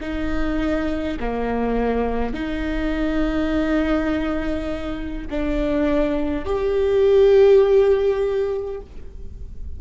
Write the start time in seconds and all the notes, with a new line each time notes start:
0.00 D#4
1.19 A#3
2.33 D#4
5.30 D4
6.45 G4